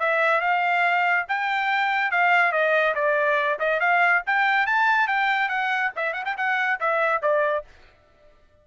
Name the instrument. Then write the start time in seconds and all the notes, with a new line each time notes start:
trumpet
0.00 E5
0.41 F5
1.29 G5
2.12 F5
2.53 D#5
2.96 D5
3.60 D#5
3.80 F5
4.27 G5
4.67 A5
5.08 G5
5.49 F#5
5.97 E5
6.14 F#5
6.26 G5
6.38 F#5
6.80 E5
7.22 D5